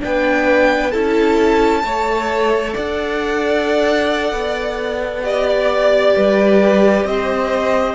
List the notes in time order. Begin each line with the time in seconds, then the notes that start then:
0.00 B3 D4 B4 G5
0.92 C#4 E4 A4 A5
1.84 A3 A4 C#5
2.73 D4 D5 F#5
4.33 B3
5.23 G4 D5 D#5
5.49 D5
6.16 G3 B4
7.05 C4 C5 D#5